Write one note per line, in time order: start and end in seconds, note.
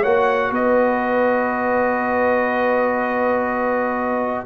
0.00 0.50 A#3
0.00 4.45 F#4
0.00 0.49 C#5
0.00 0.52 F#5
0.50 4.44 B3
0.50 4.45 B4
0.50 4.45 D#5